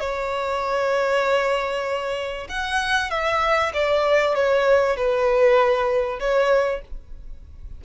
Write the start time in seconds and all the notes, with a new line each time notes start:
0.00 C#5
2.49 F#5
3.10 E5
3.74 D5
4.35 C#5
4.97 B4
6.20 C#5